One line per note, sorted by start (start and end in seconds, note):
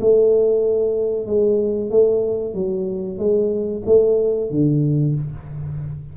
0.00 1.26 A3
1.26 1.90 G#3
1.90 2.54 A3
2.54 3.18 F#3
3.18 3.82 G#3
3.86 4.50 A3
4.50 5.15 D3